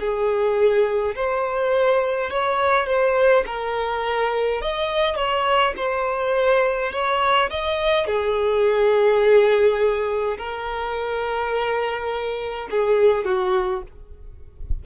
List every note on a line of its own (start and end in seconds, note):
0.00 1.15 G#4
1.16 2.31 C5
2.31 2.87 C#5
2.87 3.45 C5
3.47 4.62 A#4
4.62 5.16 D#5
5.16 5.74 C#5
5.77 6.92 C5
6.92 7.50 C#5
7.51 8.07 D#5
8.07 10.38 G#4
10.38 12.69 A#4
12.71 13.25 G#4
13.25 13.83 F#4